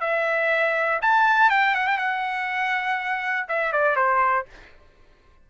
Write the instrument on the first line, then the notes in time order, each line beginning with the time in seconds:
trumpet
0.00 E5
1.01 A5
1.50 G5
1.74 F#5
1.87 G5
1.97 F#5
3.48 E5
3.72 D5
3.96 C5